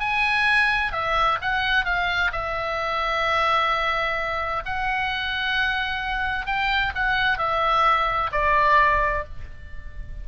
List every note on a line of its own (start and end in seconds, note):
0.00 0.92 G#5
0.92 1.38 E5
1.41 1.85 F#5
1.85 2.31 F5
2.32 4.63 E5
4.65 6.46 F#5
6.46 6.93 G5
6.95 7.38 F#5
7.38 8.31 E5
8.32 9.24 D5